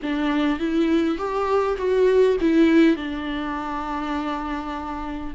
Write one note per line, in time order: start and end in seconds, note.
0.02 0.59 D4
0.59 1.17 E4
1.17 1.77 G4
1.77 2.37 F#4
2.40 2.96 E4
2.96 5.34 D4